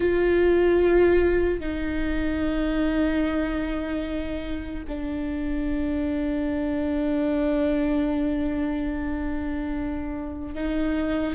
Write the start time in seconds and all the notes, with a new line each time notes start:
0.00 F4
1.60 D#4
4.88 D4
10.54 D#4